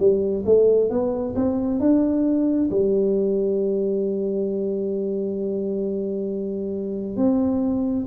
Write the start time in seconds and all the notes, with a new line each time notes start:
0.00 G3
0.46 A3
0.91 B3
1.36 C4
1.80 D4
2.71 G3
7.17 C4